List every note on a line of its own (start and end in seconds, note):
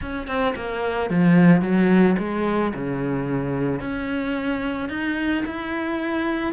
0.01 0.27 C#4
0.27 0.54 C4
0.55 1.10 A#3
1.10 1.61 F3
1.61 2.15 F#3
2.18 2.73 G#3
2.74 3.80 C#3
3.80 4.89 C#4
4.89 5.43 D#4
5.46 6.52 E4